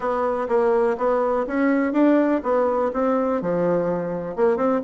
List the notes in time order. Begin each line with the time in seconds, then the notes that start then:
0.00 B3
0.48 A#3
0.97 B3
1.46 C#4
1.92 D4
2.43 B3
2.93 C4
3.41 F3
4.35 A#3
4.56 C4